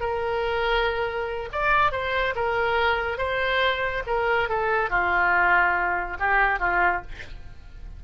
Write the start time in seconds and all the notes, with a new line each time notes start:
0.00 A#4
1.52 D5
1.91 C5
2.35 A#4
3.18 C5
4.06 A#4
4.49 A4
4.90 F4
6.19 G4
6.59 F4